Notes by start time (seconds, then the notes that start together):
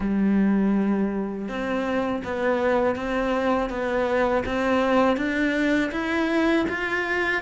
0.00 G3
1.48 C4
2.24 B3
2.95 C4
3.69 B3
4.45 C4
5.16 D4
5.91 E4
6.69 F4